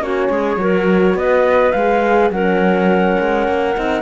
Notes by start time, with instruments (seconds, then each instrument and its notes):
0.00 cello A#3, horn C#4, clarinet F#4, flute C#5
0.30 cello G#3, clarinet G#4
0.57 cello F#3, horn F#4, clarinet A#4
1.14 cello B3, clarinet B4, flute D#5
1.72 cello G#3, horn G#4, flute F5
2.30 cello F#3, horn C#4, clarinet A#4, flute F#5
3.20 cello G#3
3.48 cello A#3
3.75 cello C4, horn D#4